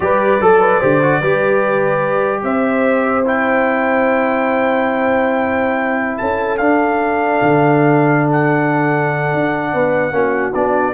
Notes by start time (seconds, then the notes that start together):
0.00 G3 G4 B4 D5
0.40 F#3 A4
0.60 B4
0.79 D3 G4 C5
1.02 F#4
1.20 G3 G4 B4
2.42 C4 C5 E5
3.24 E4 G5
6.17 C#4 A4 A5
6.57 D4 F5
7.41 D3
8.31 F#5
9.33 D4
9.73 B3 B4
10.11 A#3 C#4 F#4
10.53 B3 D4 D5